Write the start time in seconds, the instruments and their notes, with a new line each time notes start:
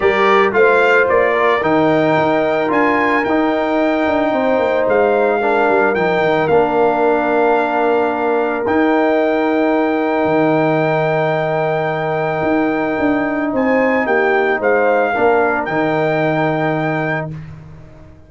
0.00 tuba G3, trombone G4, horn A#4, trumpet D5
0.52 tuba A3, trombone F4, horn C5, trumpet F5
1.09 tuba A#3, trumpet D5
1.32 horn A#4
1.61 tuba D#3, trombone D#4, trumpet G5
2.17 tuba D#4
2.68 tuba D4, trombone F4, trumpet G#5
3.24 tuba D#4, trombone D#4, trumpet G5
4.06 tuba D4
4.31 tuba C4, horn C5
4.58 tuba A#3
4.87 tuba G#3, trumpet F5
5.41 trombone D4, horn A#4
5.68 tuba G3
5.94 tuba F3, trombone D#4, trumpet G5
6.19 tuba D#3
6.47 tuba A#3, trombone D4, trumpet F5
8.66 tuba D#4, trombone D#4, trumpet G5
10.25 tuba D#3
12.42 tuba D#4
12.98 tuba D4
13.53 tuba C4, horn C5, trumpet G#5
14.06 tuba A#3, horn G4, trumpet G5
14.59 tuba G#3, horn C5, trumpet F5
15.13 tuba A#3, trombone D4, horn A#4
15.65 tuba D#3, trombone D#4, trumpet G5